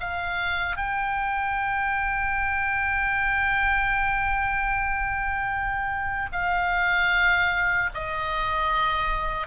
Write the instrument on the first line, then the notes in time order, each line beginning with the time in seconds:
oboe
0.00 F5
0.76 G5
6.32 F5
7.94 D#5